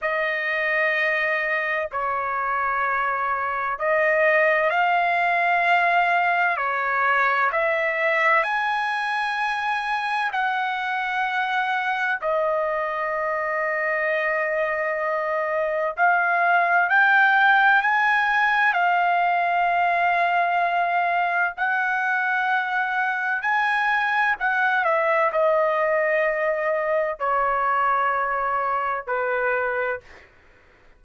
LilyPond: \new Staff \with { instrumentName = "trumpet" } { \time 4/4 \tempo 4 = 64 dis''2 cis''2 | dis''4 f''2 cis''4 | e''4 gis''2 fis''4~ | fis''4 dis''2.~ |
dis''4 f''4 g''4 gis''4 | f''2. fis''4~ | fis''4 gis''4 fis''8 e''8 dis''4~ | dis''4 cis''2 b'4 | }